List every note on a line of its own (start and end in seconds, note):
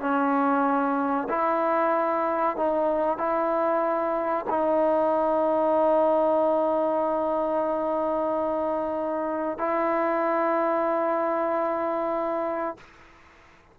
0.00 1.28 C#4
1.29 2.56 E4
2.56 3.17 D#4
3.17 4.45 E4
4.49 9.58 D#4
9.58 12.77 E4